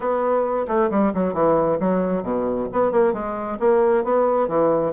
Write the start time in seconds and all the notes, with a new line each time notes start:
0.00 B3
0.67 A3
0.90 G3
1.14 F#3
1.33 E3
1.80 F#3
2.22 B2
2.72 B3
2.91 A#3
3.13 G#3
3.59 A#3
4.03 B3
4.48 E3